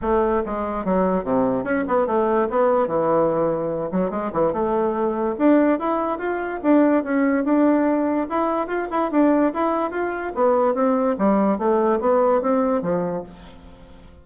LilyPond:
\new Staff \with { instrumentName = "bassoon" } { \time 4/4 \tempo 4 = 145 a4 gis4 fis4 c4 | cis'8 b8 a4 b4 e4~ | e4. fis8 gis8 e8 a4~ | a4 d'4 e'4 f'4 |
d'4 cis'4 d'2 | e'4 f'8 e'8 d'4 e'4 | f'4 b4 c'4 g4 | a4 b4 c'4 f4 | }